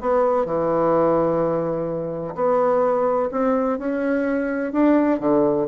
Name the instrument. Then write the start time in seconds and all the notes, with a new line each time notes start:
bassoon
0.00 B3
0.45 E3
2.35 B3
3.31 C4
3.78 C#4
4.72 D4
5.19 D3